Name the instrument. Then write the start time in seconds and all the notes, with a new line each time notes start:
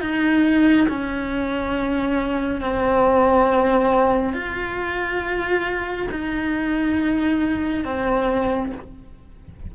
cello
0.00 D#4
0.88 C#4
2.60 C4
4.33 F4
6.11 D#4
7.84 C4